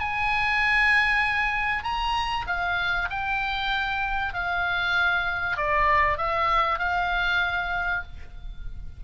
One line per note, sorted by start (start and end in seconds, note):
0.00 1.84 G#5
1.84 2.46 A#5
2.47 3.09 F5
3.10 4.34 G5
4.34 5.57 F5
5.57 6.18 D5
6.18 6.79 E5
6.79 8.03 F5